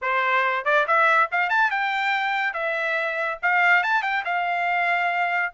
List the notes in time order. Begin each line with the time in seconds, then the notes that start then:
0.01 C5
0.65 D5
0.87 E5
1.31 F5
1.49 A5
1.70 G5
2.53 E5
3.42 F5
3.83 A5
4.02 G5
4.24 F5